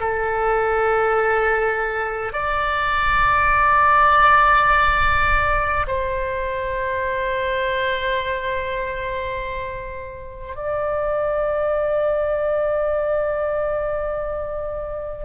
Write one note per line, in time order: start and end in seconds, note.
0.00 2.33 A4
2.33 5.86 D5
5.88 10.56 C5
10.56 15.25 D5